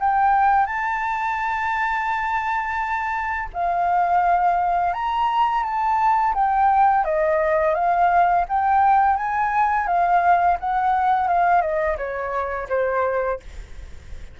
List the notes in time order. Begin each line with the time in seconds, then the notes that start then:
0.00 G5
0.66 A5
3.54 F5
4.93 A#5
5.63 A5
6.34 G5
7.05 D#5
7.75 F5
8.48 G5
9.17 G#5
9.87 F5
10.59 F#5
11.28 F5
11.61 D#5
11.97 C#5
12.69 C5